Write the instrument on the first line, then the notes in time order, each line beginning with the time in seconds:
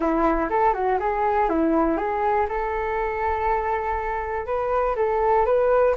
flute
0.00 E4
0.49 A4
0.73 F#4
0.99 G#4
1.49 E4
1.97 G#4
2.49 A4
4.46 B4
4.96 A4
5.45 B4